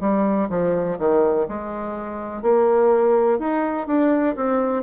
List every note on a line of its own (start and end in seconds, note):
0.00 0.48 G3
0.49 0.98 F3
0.99 1.47 D#3
1.48 2.42 G#3
2.42 3.39 A#3
3.39 3.87 D#4
3.87 4.35 D4
4.36 4.83 C4